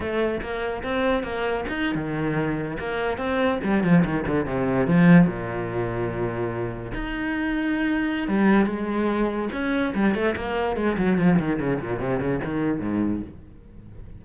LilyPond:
\new Staff \with { instrumentName = "cello" } { \time 4/4 \tempo 4 = 145 a4 ais4 c'4 ais4 | dis'8. dis2 ais4 c'16~ | c'8. g8 f8 dis8 d8 c4 f16~ | f8. ais,2.~ ais,16~ |
ais,8. dis'2.~ dis'16 | g4 gis2 cis'4 | g8 a8 ais4 gis8 fis8 f8 dis8 | cis8 ais,8 c8 cis8 dis4 gis,4 | }